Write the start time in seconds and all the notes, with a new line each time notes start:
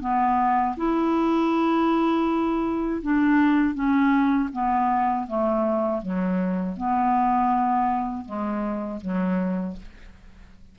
0.00 B3
0.76 E4
3.02 D4
3.74 C#4
4.52 B3
5.27 A3
6.02 F#3
6.76 B3
8.25 G#3
9.01 F#3